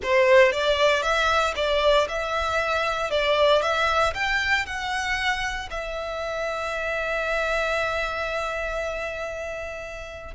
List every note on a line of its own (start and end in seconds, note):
0.02 0.52 C5
0.52 1.02 D5
1.02 1.54 E5
1.55 2.07 D5
2.08 3.10 E5
3.10 3.62 D5
3.62 4.13 E5
4.14 4.66 G5
4.66 5.69 F#5
5.70 10.34 E5